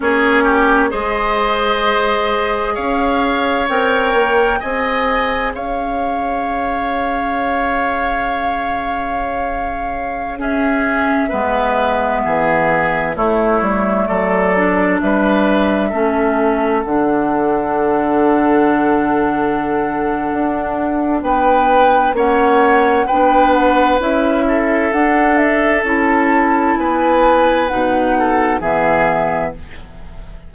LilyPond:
<<
  \new Staff \with { instrumentName = "flute" } { \time 4/4 \tempo 4 = 65 cis''4 dis''2 f''4 | g''4 gis''4 f''2~ | f''2.~ f''16 e''8.~ | e''2~ e''16 cis''4 d''8.~ |
d''16 e''2 fis''4.~ fis''16~ | fis''2. g''4 | fis''4 g''8 fis''8 e''4 fis''8 e''8 | a''4 gis''4 fis''4 e''4 | }
  \new Staff \with { instrumentName = "oboe" } { \time 4/4 gis'8 g'8 c''2 cis''4~ | cis''4 dis''4 cis''2~ | cis''2.~ cis''16 gis'8.~ | gis'16 b'4 gis'4 e'4 a'8.~ |
a'16 b'4 a'2~ a'8.~ | a'2. b'4 | cis''4 b'4. a'4.~ | a'4 b'4. a'8 gis'4 | }
  \new Staff \with { instrumentName = "clarinet" } { \time 4/4 cis'4 gis'2. | ais'4 gis'2.~ | gis'2.~ gis'16 cis'8.~ | cis'16 b2 a4. d'16~ |
d'4~ d'16 cis'4 d'4.~ d'16~ | d'1 | cis'4 d'4 e'4 d'4 | e'2 dis'4 b4 | }
  \new Staff \with { instrumentName = "bassoon" } { \time 4/4 ais4 gis2 cis'4 | c'8 ais8 c'4 cis'2~ | cis'1~ | cis'16 gis4 e4 a8 g8 fis8.~ |
fis16 g4 a4 d4.~ d16~ | d2 d'4 b4 | ais4 b4 cis'4 d'4 | cis'4 b4 b,4 e4 | }
>>